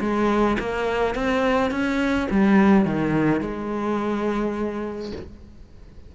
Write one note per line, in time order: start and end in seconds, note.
0.00 0.57 G#3
0.59 1.15 A#3
1.15 1.71 C4
1.71 2.28 C#4
2.30 2.85 G3
2.85 3.41 D#3
3.41 5.12 G#3